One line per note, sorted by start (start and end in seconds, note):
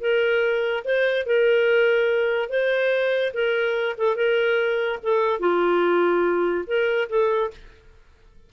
0.00 0.83 A#4
0.84 1.26 C5
1.26 2.49 A#4
2.49 3.32 C5
3.33 3.96 A#4
3.97 4.16 A4
4.16 4.99 A#4
5.02 5.39 A4
5.39 6.64 F4
6.67 7.08 A#4
7.09 7.51 A4